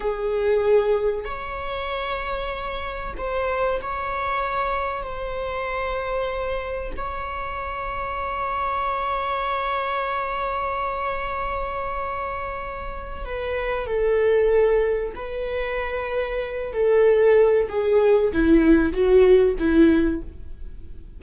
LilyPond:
\new Staff \with { instrumentName = "viola" } { \time 4/4 \tempo 4 = 95 gis'2 cis''2~ | cis''4 c''4 cis''2 | c''2. cis''4~ | cis''1~ |
cis''1~ | cis''4 b'4 a'2 | b'2~ b'8 a'4. | gis'4 e'4 fis'4 e'4 | }